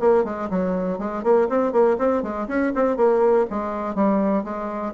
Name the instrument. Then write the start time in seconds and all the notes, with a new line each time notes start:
bassoon
0.00 A#3
0.24 G#3
0.50 F#3
0.99 G#3
1.24 A#3
1.49 C4
1.72 A#3
1.98 C4
2.23 G#3
2.48 C#4
2.75 C4
2.97 A#3
3.50 G#3
3.95 G3
4.44 G#3